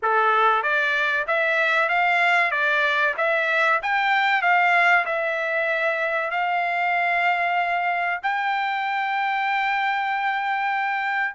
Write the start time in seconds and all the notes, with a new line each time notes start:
0.02 A4
0.63 D5
1.27 E5
1.88 F5
2.51 D5
3.17 E5
3.82 G5
4.42 F5
5.05 E5
6.30 F5
8.22 G5